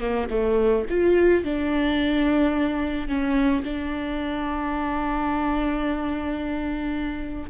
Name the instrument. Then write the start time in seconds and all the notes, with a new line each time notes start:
viola
0.00 A#3
0.30 A3
0.89 F4
1.44 D4
3.08 C#4
3.64 D4